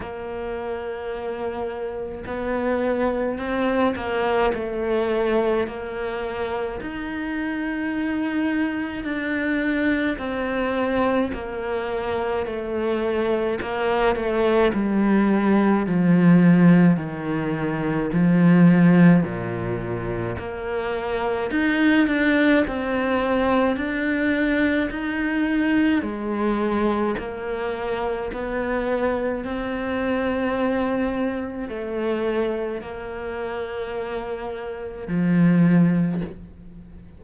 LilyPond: \new Staff \with { instrumentName = "cello" } { \time 4/4 \tempo 4 = 53 ais2 b4 c'8 ais8 | a4 ais4 dis'2 | d'4 c'4 ais4 a4 | ais8 a8 g4 f4 dis4 |
f4 ais,4 ais4 dis'8 d'8 | c'4 d'4 dis'4 gis4 | ais4 b4 c'2 | a4 ais2 f4 | }